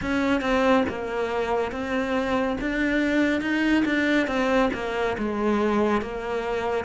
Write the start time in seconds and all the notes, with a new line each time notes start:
0.01 C#4
0.41 C4
0.88 A#3
1.71 C4
2.60 D4
3.41 D#4
3.85 D4
4.27 C4
4.73 A#3
5.17 G#3
6.01 A#3